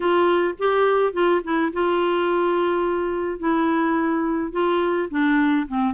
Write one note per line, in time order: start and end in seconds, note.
0.00 0.54 F4
0.58 1.13 G4
1.13 1.41 F4
1.44 1.72 E4
1.72 3.39 F4
3.39 4.52 E4
4.52 5.08 F4
5.10 5.67 D4
5.68 5.94 C4